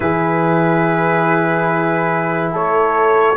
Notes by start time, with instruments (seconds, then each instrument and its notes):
0.00 tuba E3, trombone E4, horn G#4, trumpet B4
2.52 tuba A3, horn A4, trumpet C#5